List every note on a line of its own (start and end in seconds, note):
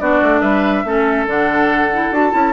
0.00 0.21 B3
0.00 0.86 D4
0.00 0.41 F#4
0.00 0.41 D5
0.23 0.42 A3
0.41 0.84 G3
0.41 0.84 B4
0.41 1.26 E5
0.85 1.26 A3
0.85 1.27 C#4
0.85 2.53 A4
1.26 2.11 D3
1.26 1.91 D4
1.26 2.14 F#5
1.93 2.12 E4
2.11 2.32 D4
2.11 2.31 F#4
2.11 2.53 A5
2.31 2.53 C#4
2.31 2.53 E4